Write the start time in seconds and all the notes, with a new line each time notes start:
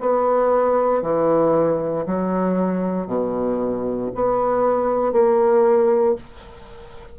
0.00 B3
1.02 E3
2.06 F#3
3.07 B2
4.15 B3
5.13 A#3